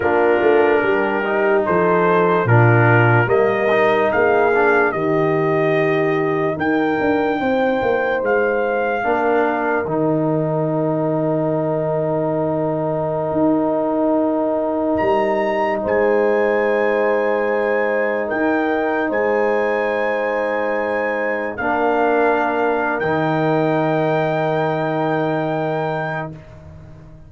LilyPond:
<<
  \new Staff \with { instrumentName = "trumpet" } { \time 4/4 \tempo 4 = 73 ais'2 c''4 ais'4 | dis''4 f''4 dis''2 | g''2 f''2 | g''1~ |
g''2~ g''16 ais''4 gis''8.~ | gis''2~ gis''16 g''4 gis''8.~ | gis''2~ gis''16 f''4.~ f''16 | g''1 | }
  \new Staff \with { instrumentName = "horn" } { \time 4/4 f'4 g'4 a'4 f'4 | ais'4 gis'4 g'2 | ais'4 c''2 ais'4~ | ais'1~ |
ais'2.~ ais'16 c''8.~ | c''2~ c''16 ais'4 c''8.~ | c''2~ c''16 ais'4.~ ais'16~ | ais'1 | }
  \new Staff \with { instrumentName = "trombone" } { \time 4/4 d'4. dis'4. d'4 | ais8 dis'4 d'8 dis'2~ | dis'2. d'4 | dis'1~ |
dis'1~ | dis'1~ | dis'2~ dis'16 d'4.~ d'16 | dis'1 | }
  \new Staff \with { instrumentName = "tuba" } { \time 4/4 ais8 a8 g4 f4 ais,4 | g4 ais4 dis2 | dis'8 d'8 c'8 ais8 gis4 ais4 | dis1~ |
dis16 dis'2 g4 gis8.~ | gis2~ gis16 dis'4 gis8.~ | gis2~ gis16 ais4.~ ais16 | dis1 | }
>>